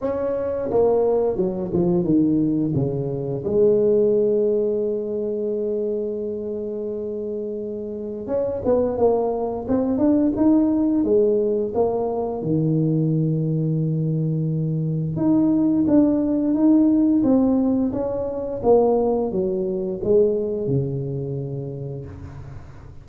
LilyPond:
\new Staff \with { instrumentName = "tuba" } { \time 4/4 \tempo 4 = 87 cis'4 ais4 fis8 f8 dis4 | cis4 gis2.~ | gis1 | cis'8 b8 ais4 c'8 d'8 dis'4 |
gis4 ais4 dis2~ | dis2 dis'4 d'4 | dis'4 c'4 cis'4 ais4 | fis4 gis4 cis2 | }